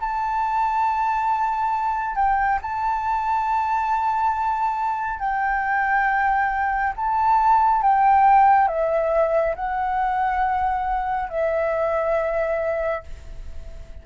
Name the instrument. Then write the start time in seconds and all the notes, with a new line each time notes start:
flute
0.00 A5
2.15 G5
2.62 A5
5.19 G5
6.96 A5
7.82 G5
8.68 E5
9.55 F#5
11.30 E5